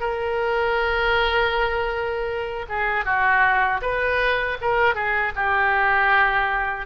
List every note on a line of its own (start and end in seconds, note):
0.00 2.66 A#4
2.69 3.05 G#4
3.05 3.81 F#4
3.82 4.58 B4
4.61 4.95 A#4
4.95 5.33 G#4
5.36 6.86 G4